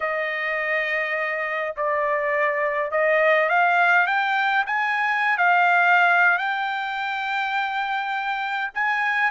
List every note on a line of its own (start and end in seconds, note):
0.00 1.75 D#5
1.76 2.91 D5
2.91 3.49 D#5
3.49 4.06 F5
4.06 4.64 G5
4.66 5.37 G#5
5.37 6.38 F5
6.38 8.71 G5
8.74 9.30 G#5